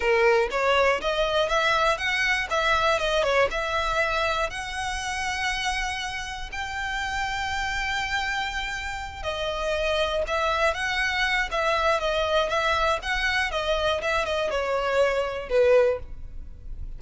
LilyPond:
\new Staff \with { instrumentName = "violin" } { \time 4/4 \tempo 4 = 120 ais'4 cis''4 dis''4 e''4 | fis''4 e''4 dis''8 cis''8 e''4~ | e''4 fis''2.~ | fis''4 g''2.~ |
g''2~ g''8 dis''4.~ | dis''8 e''4 fis''4. e''4 | dis''4 e''4 fis''4 dis''4 | e''8 dis''8 cis''2 b'4 | }